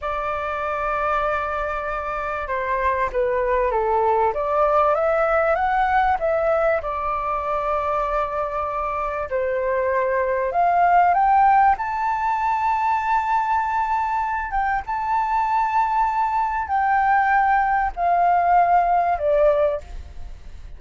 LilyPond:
\new Staff \with { instrumentName = "flute" } { \time 4/4 \tempo 4 = 97 d''1 | c''4 b'4 a'4 d''4 | e''4 fis''4 e''4 d''4~ | d''2. c''4~ |
c''4 f''4 g''4 a''4~ | a''2.~ a''8 g''8 | a''2. g''4~ | g''4 f''2 d''4 | }